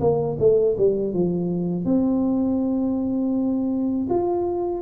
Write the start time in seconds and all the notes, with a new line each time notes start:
0.00 A#3
0.39 A3
0.77 G3
1.13 F3
1.85 C4
4.09 F4